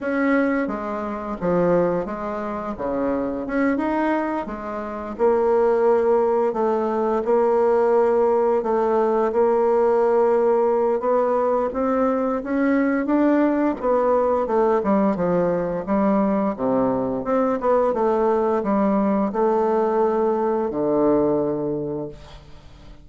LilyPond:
\new Staff \with { instrumentName = "bassoon" } { \time 4/4 \tempo 4 = 87 cis'4 gis4 f4 gis4 | cis4 cis'8 dis'4 gis4 ais8~ | ais4. a4 ais4.~ | ais8 a4 ais2~ ais8 |
b4 c'4 cis'4 d'4 | b4 a8 g8 f4 g4 | c4 c'8 b8 a4 g4 | a2 d2 | }